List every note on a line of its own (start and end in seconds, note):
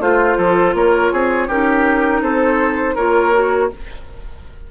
0.00 0.37 A3
0.00 1.50 F4
0.00 0.38 F4
0.00 0.75 C5
0.38 0.74 F3
0.38 0.75 A4
0.74 1.11 A#3
0.74 1.13 A#4
0.74 1.50 C#5
1.13 1.48 C4
1.13 1.48 G#4
1.48 2.22 C#4
1.48 2.98 D#4
1.48 2.22 G4
1.48 2.24 A#4
2.22 2.96 C4
2.22 2.95 A4
2.22 2.96 C5
2.95 3.72 A#3
2.95 3.33 F4
2.95 3.69 A#4
2.95 3.71 C#5
3.33 3.70 F#4